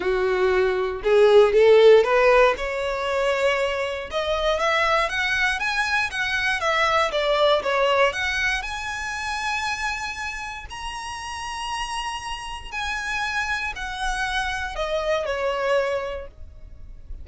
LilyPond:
\new Staff \with { instrumentName = "violin" } { \time 4/4 \tempo 4 = 118 fis'2 gis'4 a'4 | b'4 cis''2. | dis''4 e''4 fis''4 gis''4 | fis''4 e''4 d''4 cis''4 |
fis''4 gis''2.~ | gis''4 ais''2.~ | ais''4 gis''2 fis''4~ | fis''4 dis''4 cis''2 | }